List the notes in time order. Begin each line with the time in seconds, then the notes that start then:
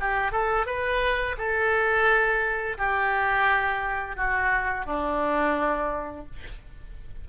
0.00 G4
0.32 A4
0.66 B4
1.38 A4
2.78 G4
4.16 F#4
4.86 D4